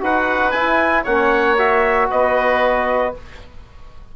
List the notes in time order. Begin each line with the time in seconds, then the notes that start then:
0.00 D#4 F#4 B4 F#5
0.51 E4 G#5
1.03 A#3 C#4 C#5 F#5
1.58 F#4 E5
2.10 B3 B4 D#5